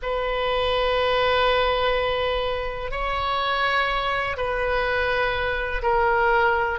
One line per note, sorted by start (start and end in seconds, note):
0.02 2.91 B4
2.91 4.36 C#5
4.36 5.82 B4
5.82 6.79 A#4